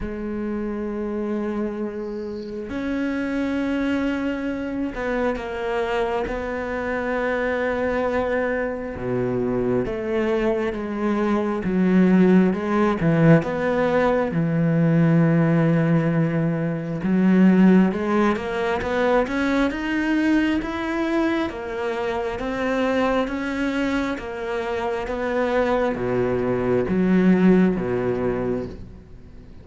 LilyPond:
\new Staff \with { instrumentName = "cello" } { \time 4/4 \tempo 4 = 67 gis2. cis'4~ | cis'4. b8 ais4 b4~ | b2 b,4 a4 | gis4 fis4 gis8 e8 b4 |
e2. fis4 | gis8 ais8 b8 cis'8 dis'4 e'4 | ais4 c'4 cis'4 ais4 | b4 b,4 fis4 b,4 | }